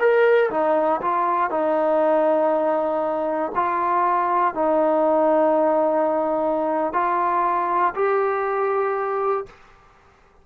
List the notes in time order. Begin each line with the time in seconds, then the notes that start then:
0.00 A#4
0.51 D#4
1.02 F4
1.51 D#4
3.56 F4
4.55 D#4
6.94 F4
7.95 G4